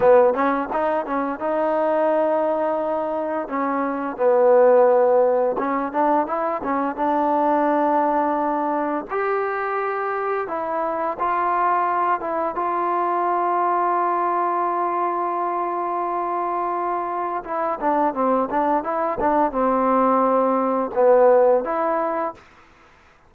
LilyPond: \new Staff \with { instrumentName = "trombone" } { \time 4/4 \tempo 4 = 86 b8 cis'8 dis'8 cis'8 dis'2~ | dis'4 cis'4 b2 | cis'8 d'8 e'8 cis'8 d'2~ | d'4 g'2 e'4 |
f'4. e'8 f'2~ | f'1~ | f'4 e'8 d'8 c'8 d'8 e'8 d'8 | c'2 b4 e'4 | }